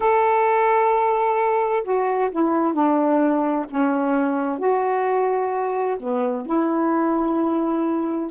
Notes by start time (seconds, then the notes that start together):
0.00 A4
1.83 F#4
2.31 E4
2.73 D4
3.70 C#4
4.59 F#4
5.99 B3
6.46 E4